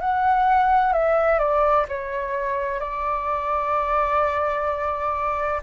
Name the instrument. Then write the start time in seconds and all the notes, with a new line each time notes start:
flute
0.00 F#5
0.92 E5
1.38 D5
1.88 C#5
2.80 D5